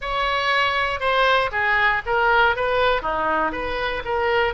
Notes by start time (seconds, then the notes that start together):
0.01 C#5
0.99 C5
1.51 G#4
2.06 A#4
2.56 B4
3.02 D#4
3.52 B4
4.04 A#4